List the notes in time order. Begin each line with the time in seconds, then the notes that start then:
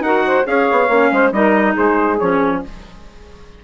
0.00 D#4 F#4 A#4 F#5
0.26 C5
0.45 C#4 G#4 C#5 F5
0.71 B3
0.88 A#3 C#4
1.12 G#3 C5
1.32 G3 D#4 A#4 D#5
1.74 G#3 G#4 C5
2.19 F3 C#4 C#5